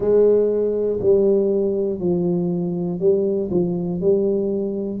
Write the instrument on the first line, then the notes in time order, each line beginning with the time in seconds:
tuba
0.00 G#3
1.00 G3
1.99 F3
2.99 G3
3.50 F3
4.00 G3